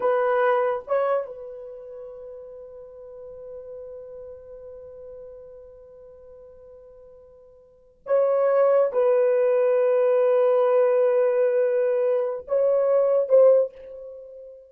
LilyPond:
\new Staff \with { instrumentName = "horn" } { \time 4/4 \tempo 4 = 140 b'2 cis''4 b'4~ | b'1~ | b'1~ | b'1~ |
b'2~ b'8. cis''4~ cis''16~ | cis''8. b'2.~ b'16~ | b'1~ | b'4 cis''2 c''4 | }